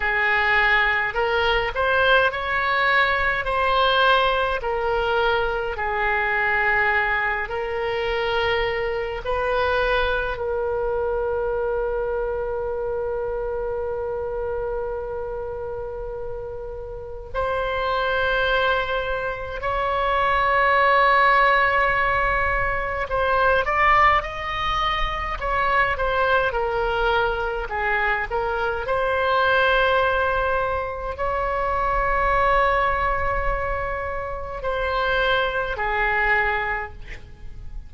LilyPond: \new Staff \with { instrumentName = "oboe" } { \time 4/4 \tempo 4 = 52 gis'4 ais'8 c''8 cis''4 c''4 | ais'4 gis'4. ais'4. | b'4 ais'2.~ | ais'2. c''4~ |
c''4 cis''2. | c''8 d''8 dis''4 cis''8 c''8 ais'4 | gis'8 ais'8 c''2 cis''4~ | cis''2 c''4 gis'4 | }